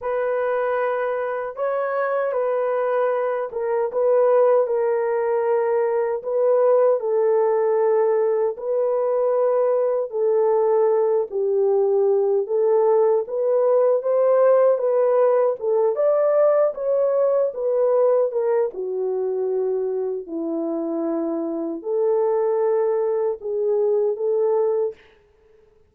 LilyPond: \new Staff \with { instrumentName = "horn" } { \time 4/4 \tempo 4 = 77 b'2 cis''4 b'4~ | b'8 ais'8 b'4 ais'2 | b'4 a'2 b'4~ | b'4 a'4. g'4. |
a'4 b'4 c''4 b'4 | a'8 d''4 cis''4 b'4 ais'8 | fis'2 e'2 | a'2 gis'4 a'4 | }